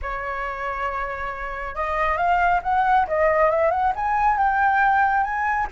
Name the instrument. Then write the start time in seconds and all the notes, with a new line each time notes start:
flute
0.02 C#5
1.75 D#5
2.17 F5
2.63 F#5
3.07 D#5
3.50 E5
3.70 F#5
3.95 G#5
4.37 G5
5.23 G#5